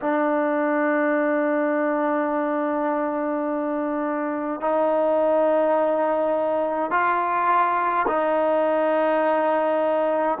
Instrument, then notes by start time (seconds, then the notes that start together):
trombone
0.01 D4
4.60 D#4
6.90 F4
8.07 D#4